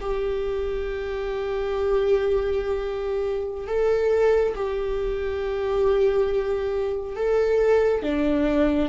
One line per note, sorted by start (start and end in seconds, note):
0.00 3.67 G4
3.67 4.54 A4
4.55 7.15 G4
7.15 8.02 A4
8.02 8.89 D4